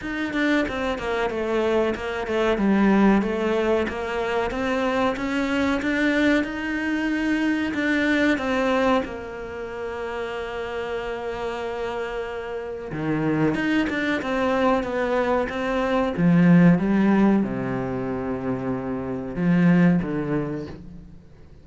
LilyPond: \new Staff \with { instrumentName = "cello" } { \time 4/4 \tempo 4 = 93 dis'8 d'8 c'8 ais8 a4 ais8 a8 | g4 a4 ais4 c'4 | cis'4 d'4 dis'2 | d'4 c'4 ais2~ |
ais1 | dis4 dis'8 d'8 c'4 b4 | c'4 f4 g4 c4~ | c2 f4 d4 | }